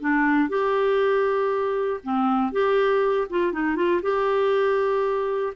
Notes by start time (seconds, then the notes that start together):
0.00 D4
0.49 G4
2.04 C4
2.52 G4
3.30 F4
3.52 D#4
3.76 F4
4.02 G4